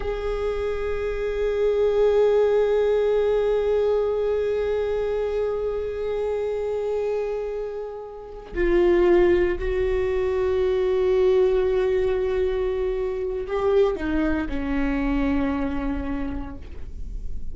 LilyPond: \new Staff \with { instrumentName = "viola" } { \time 4/4 \tempo 4 = 116 gis'1~ | gis'1~ | gis'1~ | gis'1~ |
gis'8 f'2 fis'4.~ | fis'1~ | fis'2 g'4 dis'4 | cis'1 | }